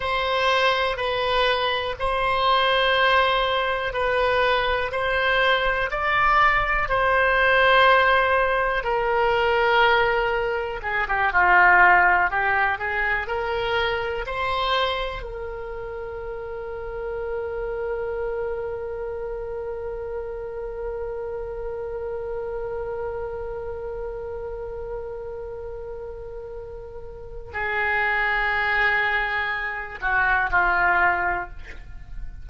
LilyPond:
\new Staff \with { instrumentName = "oboe" } { \time 4/4 \tempo 4 = 61 c''4 b'4 c''2 | b'4 c''4 d''4 c''4~ | c''4 ais'2 gis'16 g'16 f'8~ | f'8 g'8 gis'8 ais'4 c''4 ais'8~ |
ais'1~ | ais'1~ | ais'1 | gis'2~ gis'8 fis'8 f'4 | }